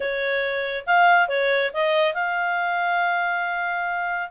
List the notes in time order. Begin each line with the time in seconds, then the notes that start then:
0.00 C#5
0.86 F5
1.28 C#5
1.73 D#5
2.13 F5